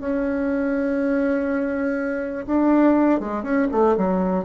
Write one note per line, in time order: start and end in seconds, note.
0.00 2.46 C#4
2.46 3.20 D4
3.20 3.43 G#3
3.43 3.68 C#4
3.72 3.96 A3
3.97 4.44 F#3